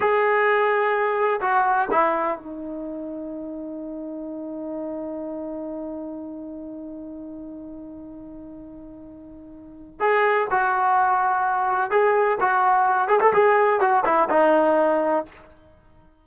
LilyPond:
\new Staff \with { instrumentName = "trombone" } { \time 4/4 \tempo 4 = 126 gis'2. fis'4 | e'4 dis'2.~ | dis'1~ | dis'1~ |
dis'1~ | dis'4 gis'4 fis'2~ | fis'4 gis'4 fis'4. gis'16 a'16 | gis'4 fis'8 e'8 dis'2 | }